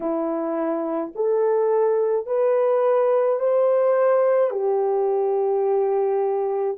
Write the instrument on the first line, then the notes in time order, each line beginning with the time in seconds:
horn
0.00 E4
1.15 A4
2.26 B4
3.40 C5
4.50 G4